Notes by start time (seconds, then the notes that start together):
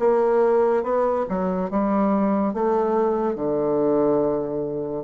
0.00 A#3
0.84 B3
1.29 F#3
1.71 G3
2.54 A3
3.36 D3